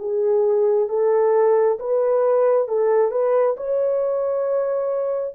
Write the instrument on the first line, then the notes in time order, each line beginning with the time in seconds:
horn
0.00 G#4
0.89 A4
1.80 B4
2.69 A4
3.12 B4
3.57 C#5